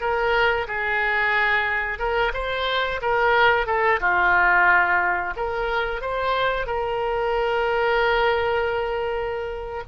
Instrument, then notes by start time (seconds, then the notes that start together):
oboe
0.00 A#4
0.68 G#4
1.99 A#4
2.34 C5
3.01 A#4
3.66 A4
4.00 F4
5.36 A#4
6.01 C5
6.66 A#4